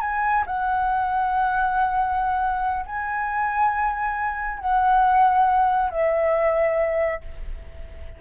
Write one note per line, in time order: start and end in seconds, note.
0.00 0.43 G#5
0.46 2.85 F#5
2.85 4.59 G#5
4.59 5.90 F#5
5.90 7.21 E5